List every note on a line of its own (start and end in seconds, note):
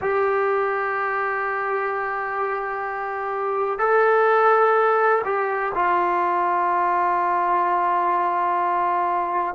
0.01 3.78 G4
3.78 5.22 A4
5.24 5.72 G4
5.74 9.55 F4